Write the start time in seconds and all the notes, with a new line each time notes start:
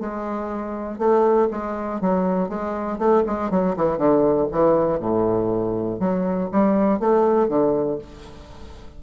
0.00 G#3
0.99 A3
1.51 G#3
2.01 F#3
2.49 G#3
2.98 A3
3.27 G#3
3.50 F#3
3.76 E3
3.97 D3
4.52 E3
5.00 A2
6.00 F#3
6.52 G3
7.00 A3
7.48 D3